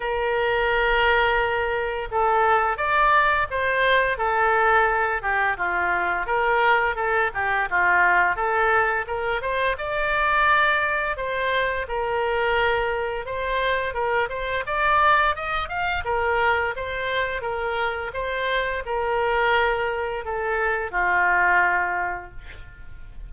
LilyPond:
\new Staff \with { instrumentName = "oboe" } { \time 4/4 \tempo 4 = 86 ais'2. a'4 | d''4 c''4 a'4. g'8 | f'4 ais'4 a'8 g'8 f'4 | a'4 ais'8 c''8 d''2 |
c''4 ais'2 c''4 | ais'8 c''8 d''4 dis''8 f''8 ais'4 | c''4 ais'4 c''4 ais'4~ | ais'4 a'4 f'2 | }